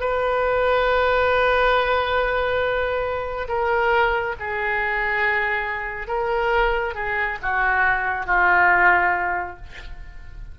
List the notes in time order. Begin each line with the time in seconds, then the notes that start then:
0.00 B4
3.48 A#4
4.40 G#4
6.08 A#4
6.95 G#4
7.42 F#4
8.26 F4